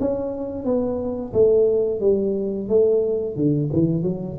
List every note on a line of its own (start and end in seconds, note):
0.00 0.65 C#4
0.65 1.33 B3
1.33 2.01 A3
2.01 2.69 G3
2.69 3.36 A3
3.36 3.70 D3
3.73 4.03 E3
4.03 4.37 F#3